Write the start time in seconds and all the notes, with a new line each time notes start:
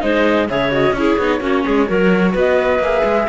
0.00 G#3 D#4 C5 D#5
0.49 C#3 G#4 C#5 E5
0.71 F#4 D#5
0.92 C#4 E4 C#5
0.98 G#4
1.18 B3 D#4
1.40 A#3 C#4 F#4
1.64 G#3 G#4
1.87 F#3 F#4 A#4
2.33 B3 B4 D#5
2.79 A#3 G#4 E5
3.04 G#3